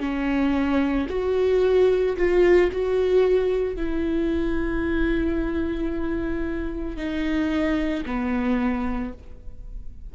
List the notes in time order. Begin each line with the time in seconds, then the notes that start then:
0.00 C#4
1.10 F#4
2.17 F4
2.72 F#4
3.76 E4
6.97 D#4
8.06 B3